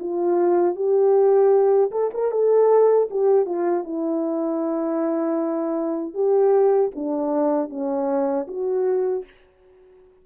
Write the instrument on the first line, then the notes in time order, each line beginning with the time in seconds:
horn
0.00 F4
0.76 G4
1.92 A4
2.14 A#4
2.32 A4
3.11 G4
3.46 F4
3.85 E4
6.14 G4
6.96 D4
7.70 C#4
8.48 F#4